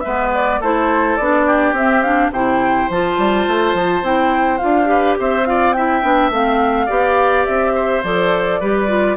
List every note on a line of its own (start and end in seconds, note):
0.00 0.60 G#3
0.00 0.62 B3
0.00 0.60 B4
0.00 0.29 E5
0.34 0.62 D5
0.60 1.17 A3
0.60 1.20 E4
0.60 1.46 A4
0.60 1.16 C5
1.16 1.72 B3
1.16 1.76 D4
1.16 1.73 D5
1.46 2.32 G4
1.72 2.29 C4
1.72 2.04 C4
1.72 2.02 E5
2.02 2.32 D4
2.02 2.30 F5
2.30 2.88 C3
2.30 2.91 E4
2.30 4.89 C5
2.30 2.90 G5
2.90 3.18 F3
2.90 4.04 F4
2.90 4.05 A5
3.18 3.47 G3
3.47 3.73 A3
3.73 4.02 F3
4.02 4.60 C4
4.02 4.59 E4
4.02 4.58 G5
4.58 4.85 F4
4.58 5.15 F5
4.64 5.19 D4
4.85 5.42 G4
4.85 5.18 B4
5.19 6.03 C4
5.19 5.48 C5
5.19 5.46 E5
5.46 5.75 F4
5.46 5.76 D5
5.46 5.73 F5
5.73 6.02 E4
5.73 6.86 E5
5.73 6.30 G5
6.02 6.30 B3
6.02 6.31 D4
6.30 6.87 A3
6.30 6.88 C4
6.30 7.45 F5
6.86 7.47 B3
6.86 8.02 G4
6.86 7.72 D5
7.45 8.04 C4
7.45 8.03 E5
7.75 8.60 C5
8.04 8.61 F3
8.04 8.62 A4
8.04 9.16 D5
8.60 9.16 G3
8.60 8.88 G4
8.60 9.16 B4
8.88 9.16 F4